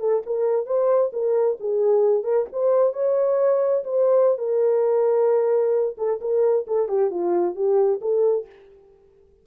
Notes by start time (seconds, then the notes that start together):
0.00 A4
0.26 A#4
0.66 C5
1.13 A#4
1.60 G#4
2.24 A#4
2.53 C5
2.94 C#5
3.84 C5
4.38 A#4
5.98 A4
6.21 A#4
6.67 A4
6.89 G4
7.11 F4
7.56 G4
8.01 A4